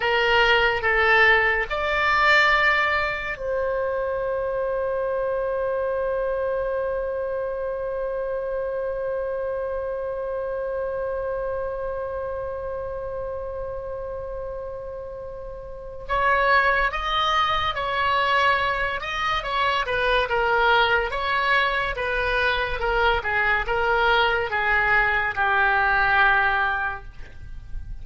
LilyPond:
\new Staff \with { instrumentName = "oboe" } { \time 4/4 \tempo 4 = 71 ais'4 a'4 d''2 | c''1~ | c''1~ | c''1~ |
c''2. cis''4 | dis''4 cis''4. dis''8 cis''8 b'8 | ais'4 cis''4 b'4 ais'8 gis'8 | ais'4 gis'4 g'2 | }